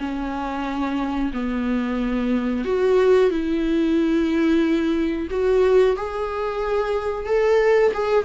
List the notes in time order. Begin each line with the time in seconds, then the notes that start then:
0.00 C#4
1.34 B3
2.65 F#4
3.31 E4
5.30 F#4
5.97 G#4
7.26 A4
7.94 G#4